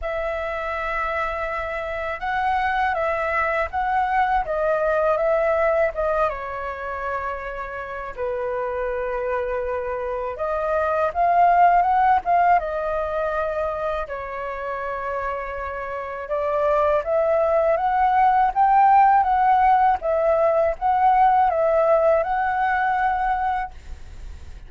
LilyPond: \new Staff \with { instrumentName = "flute" } { \time 4/4 \tempo 4 = 81 e''2. fis''4 | e''4 fis''4 dis''4 e''4 | dis''8 cis''2~ cis''8 b'4~ | b'2 dis''4 f''4 |
fis''8 f''8 dis''2 cis''4~ | cis''2 d''4 e''4 | fis''4 g''4 fis''4 e''4 | fis''4 e''4 fis''2 | }